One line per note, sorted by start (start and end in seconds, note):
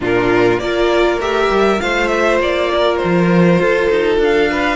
0.00 0.58 A#2
0.00 0.58 D4
0.00 0.61 F4
0.00 0.59 A#4
0.58 1.18 A#3
0.58 1.20 F4
0.58 1.81 A#4
0.58 1.19 D5
1.19 1.49 A3
1.19 1.77 G4
1.19 1.80 E5
1.50 1.79 G3
1.77 2.39 A3
1.77 4.76 F4
1.77 2.71 C5
1.77 2.07 F5
2.07 2.37 E5
2.39 2.99 A#3
2.39 2.96 D5
2.74 3.61 A#4
2.96 4.16 C5
3.04 3.59 F3
3.59 3.89 F4
3.59 4.51 A4
3.90 4.18 D#4
4.18 4.76 D4
4.18 4.76 F5
4.51 4.76 B4